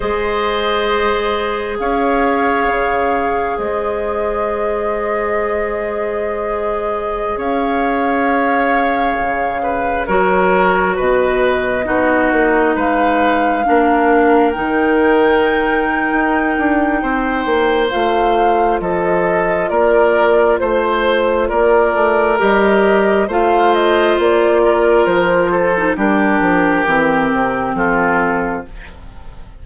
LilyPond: <<
  \new Staff \with { instrumentName = "flute" } { \time 4/4 \tempo 4 = 67 dis''2 f''2 | dis''1~ | dis''16 f''2. cis''8.~ | cis''16 dis''2 f''4.~ f''16~ |
f''16 g''2.~ g''8. | f''4 dis''4 d''4 c''4 | d''4 dis''4 f''8 dis''8 d''4 | c''4 ais'2 a'4 | }
  \new Staff \with { instrumentName = "oboe" } { \time 4/4 c''2 cis''2 | c''1~ | c''16 cis''2~ cis''8 b'8 ais'8.~ | ais'16 b'4 fis'4 b'4 ais'8.~ |
ais'2. c''4~ | c''4 a'4 ais'4 c''4 | ais'2 c''4. ais'8~ | ais'8 a'8 g'2 f'4 | }
  \new Staff \with { instrumentName = "clarinet" } { \time 4/4 gis'1~ | gis'1~ | gis'2.~ gis'16 fis'8.~ | fis'4~ fis'16 dis'2 d'8.~ |
d'16 dis'2.~ dis'8. | f'1~ | f'4 g'4 f'2~ | f'8. dis'16 d'4 c'2 | }
  \new Staff \with { instrumentName = "bassoon" } { \time 4/4 gis2 cis'4 cis4 | gis1~ | gis16 cis'2 cis4 fis8.~ | fis16 b,4 b8 ais8 gis4 ais8.~ |
ais16 dis4.~ dis16 dis'8 d'8 c'8 ais8 | a4 f4 ais4 a4 | ais8 a8 g4 a4 ais4 | f4 g8 f8 e8 c8 f4 | }
>>